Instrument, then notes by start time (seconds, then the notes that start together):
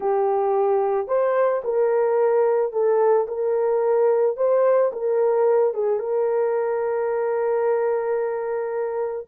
horn
0.00 G4
1.07 C5
1.63 A#4
2.72 A4
3.27 A#4
4.36 C5
4.92 A#4
5.73 G#4
5.99 A#4